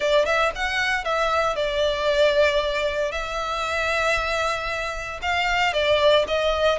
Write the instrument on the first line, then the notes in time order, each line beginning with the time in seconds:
violin
0.00 D5
0.25 E5
0.55 F#5
1.04 E5
1.55 D5
3.11 E5
5.22 F5
5.73 D5
6.27 D#5